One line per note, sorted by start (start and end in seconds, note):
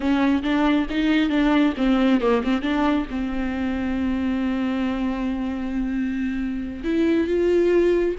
0.00 0.42 C#4
0.42 0.86 D4
0.89 1.29 D#4
1.29 1.73 D4
1.77 2.20 C4
2.20 2.42 A#3
2.43 2.61 C4
2.61 3.06 D4
3.10 6.84 C4
6.84 7.27 E4
7.27 8.15 F4